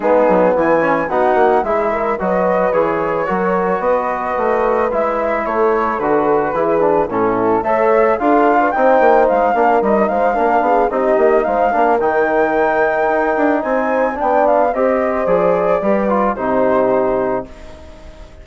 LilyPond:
<<
  \new Staff \with { instrumentName = "flute" } { \time 4/4 \tempo 4 = 110 gis'4 gis''4 fis''4 e''4 | dis''4 cis''2 dis''4~ | dis''4 e''4 cis''4 b'4~ | b'4 a'4 e''4 f''4 |
g''4 f''4 dis''8 f''4. | dis''4 f''4 g''2~ | g''4 gis''4 g''8 f''8 dis''4 | d''2 c''2 | }
  \new Staff \with { instrumentName = "horn" } { \time 4/4 dis'4 e'4 fis'4 gis'8 ais'8 | b'2 ais'4 b'4~ | b'2 a'2 | gis'4 e'4 cis''4 a'8. b'16 |
c''4. ais'4 c''8 ais'8 gis'8 | g'4 c''8 ais'2~ ais'8~ | ais'4 c''4 d''4 c''4~ | c''4 b'4 g'2 | }
  \new Staff \with { instrumentName = "trombone" } { \time 4/4 b4. cis'8 dis'4 e'4 | fis'4 gis'4 fis'2~ | fis'4 e'2 fis'4 | e'8 d'8 cis'4 a'4 f'4 |
dis'4. d'8 dis'4 d'4 | dis'4. d'8 dis'2~ | dis'2 d'4 g'4 | gis'4 g'8 f'8 dis'2 | }
  \new Staff \with { instrumentName = "bassoon" } { \time 4/4 gis8 fis8 e4 b8 ais8 gis4 | fis4 e4 fis4 b4 | a4 gis4 a4 d4 | e4 a,4 a4 d'4 |
c'8 ais8 gis8 ais8 g8 gis8 ais8 b8 | c'8 ais8 gis8 ais8 dis2 | dis'8 d'8 c'4 b4 c'4 | f4 g4 c2 | }
>>